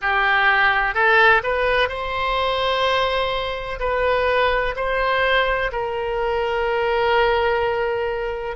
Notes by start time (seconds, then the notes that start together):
0.01 G4
0.94 A4
1.43 B4
1.88 C5
3.79 B4
4.76 C5
5.71 A#4